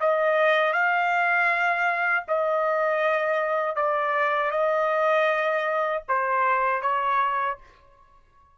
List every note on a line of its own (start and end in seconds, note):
0.00 0.72 D#5
0.72 2.24 F5
2.28 3.76 D#5
3.76 4.51 D5
4.51 6.02 D#5
6.08 6.81 C5
6.81 7.57 C#5